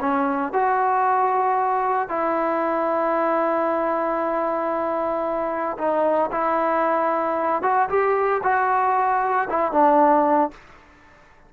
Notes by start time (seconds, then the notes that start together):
0.00 C#4
0.53 F#4
2.09 E4
5.78 D#4
6.31 E4
7.62 F#4
7.89 G4
8.43 F#4
9.49 E4
9.72 D4